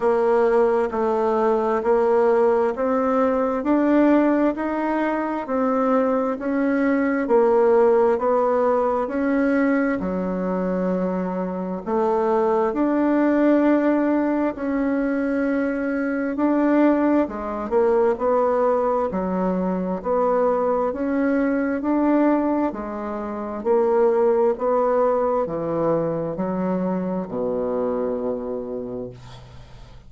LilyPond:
\new Staff \with { instrumentName = "bassoon" } { \time 4/4 \tempo 4 = 66 ais4 a4 ais4 c'4 | d'4 dis'4 c'4 cis'4 | ais4 b4 cis'4 fis4~ | fis4 a4 d'2 |
cis'2 d'4 gis8 ais8 | b4 fis4 b4 cis'4 | d'4 gis4 ais4 b4 | e4 fis4 b,2 | }